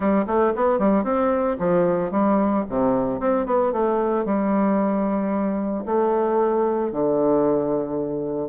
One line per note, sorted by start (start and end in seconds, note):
0.00 0.25 G3
0.27 0.53 A3
0.55 0.78 B3
0.78 1.04 G3
1.04 1.57 C4
1.58 2.11 F3
2.11 2.64 G3
2.69 3.20 C3
3.20 3.46 C4
3.46 3.72 B3
3.72 4.25 A3
4.25 5.84 G3
5.85 6.91 A3
6.91 8.48 D3